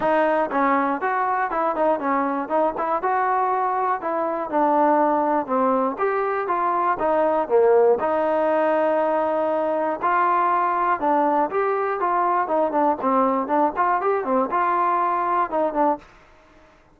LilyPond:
\new Staff \with { instrumentName = "trombone" } { \time 4/4 \tempo 4 = 120 dis'4 cis'4 fis'4 e'8 dis'8 | cis'4 dis'8 e'8 fis'2 | e'4 d'2 c'4 | g'4 f'4 dis'4 ais4 |
dis'1 | f'2 d'4 g'4 | f'4 dis'8 d'8 c'4 d'8 f'8 | g'8 c'8 f'2 dis'8 d'8 | }